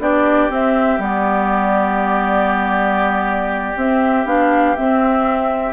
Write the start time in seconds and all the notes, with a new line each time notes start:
0.00 B3 D4 G4 D5
0.50 C4 E5
0.99 G3 B3 D5
3.76 C4 E5
4.26 B3 D4 F5
4.76 C4 E5